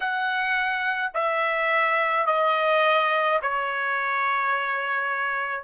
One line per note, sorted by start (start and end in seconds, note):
0.00 1.11 F#5
1.13 2.26 E5
2.26 3.39 D#5
3.42 5.63 C#5